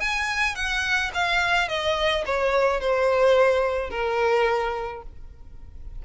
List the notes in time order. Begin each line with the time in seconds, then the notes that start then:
0.00 G#5
0.55 F#5
1.14 F5
1.68 D#5
2.26 C#5
2.80 C5
3.90 A#4